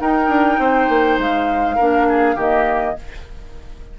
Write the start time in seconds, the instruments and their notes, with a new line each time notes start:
0.00 clarinet D#4, bassoon D#4, oboe A#4, flute G5
0.28 bassoon D4
0.59 bassoon C4, oboe C5
0.89 bassoon A#3
1.18 bassoon G#3, flute F5
1.76 bassoon A#3, clarinet D4, oboe A#4
2.09 oboe G#4
2.36 bassoon D#3, clarinet A#3, oboe G4, flute D#5